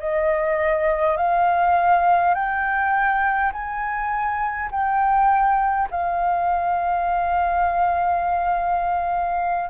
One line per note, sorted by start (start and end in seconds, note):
0.00 1.17 D#5
1.17 2.35 F5
2.35 3.52 G5
3.53 4.71 G#5
4.72 5.89 G5
5.91 9.71 F5